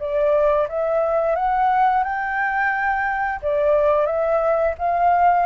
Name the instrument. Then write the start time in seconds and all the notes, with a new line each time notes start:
flute
0.00 D5
0.69 E5
1.36 F#5
2.04 G5
3.42 D5
4.07 E5
4.79 F5